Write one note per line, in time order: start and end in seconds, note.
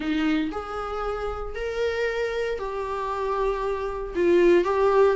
0.00 0.50 D#4
0.51 1.55 G#4
1.55 2.58 A#4
2.58 4.14 G4
4.15 4.64 F4
4.64 5.16 G4